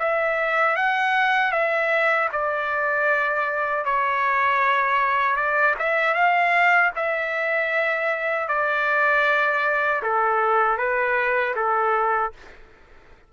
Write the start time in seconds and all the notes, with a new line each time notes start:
0.00 E5
0.77 F#5
1.52 E5
2.33 D5
3.85 C#5
5.37 D5
5.80 E5
6.15 F5
6.97 E5
8.49 D5
10.03 A4
10.78 B4
11.56 A4